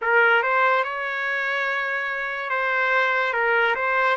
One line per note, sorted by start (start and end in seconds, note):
0.01 0.42 A#4
0.42 0.83 C5
0.83 2.50 C#5
2.50 3.33 C5
3.33 3.74 A#4
3.75 4.16 C5